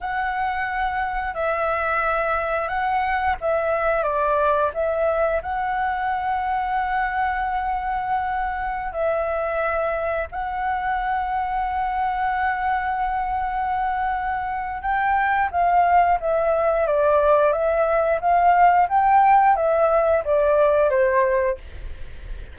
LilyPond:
\new Staff \with { instrumentName = "flute" } { \time 4/4 \tempo 4 = 89 fis''2 e''2 | fis''4 e''4 d''4 e''4 | fis''1~ | fis''4~ fis''16 e''2 fis''8.~ |
fis''1~ | fis''2 g''4 f''4 | e''4 d''4 e''4 f''4 | g''4 e''4 d''4 c''4 | }